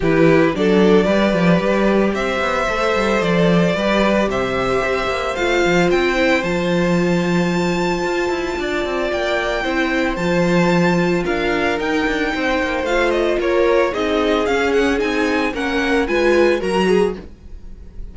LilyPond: <<
  \new Staff \with { instrumentName = "violin" } { \time 4/4 \tempo 4 = 112 b'4 d''2. | e''2 d''2 | e''2 f''4 g''4 | a''1~ |
a''4 g''2 a''4~ | a''4 f''4 g''2 | f''8 dis''8 cis''4 dis''4 f''8 fis''8 | gis''4 fis''4 gis''4 ais''4 | }
  \new Staff \with { instrumentName = "violin" } { \time 4/4 g'4 a'4 b'2 | c''2. b'4 | c''1~ | c''1 |
d''2 c''2~ | c''4 ais'2 c''4~ | c''4 ais'4 gis'2~ | gis'4 ais'4 b'4 ais'8 gis'8 | }
  \new Staff \with { instrumentName = "viola" } { \time 4/4 e'4 d'4 g'2~ | g'4 a'2 g'4~ | g'2 f'4. e'8 | f'1~ |
f'2 e'4 f'4~ | f'2 dis'2 | f'2 dis'4 cis'4 | dis'4 cis'4 f'4 fis'4 | }
  \new Staff \with { instrumentName = "cello" } { \time 4/4 e4 fis4 g8 f8 g4 | c'8 b8 a8 g8 f4 g4 | c4 c'8 ais8 a8 f8 c'4 | f2. f'8 e'8 |
d'8 c'8 ais4 c'4 f4~ | f4 d'4 dis'8 d'8 c'8 ais8 | a4 ais4 c'4 cis'4 | c'4 ais4 gis4 fis4 | }
>>